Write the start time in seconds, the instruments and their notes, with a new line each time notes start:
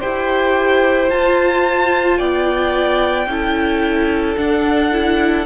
0.00 cello E4, viola G4, violin C5 G5
1.09 viola F4, cello F4, violin A5
2.18 cello B3, violin D5 G5
3.27 cello C#4, viola E4, violin A4
4.37 viola D4, cello D4, violin F#5
4.92 viola E4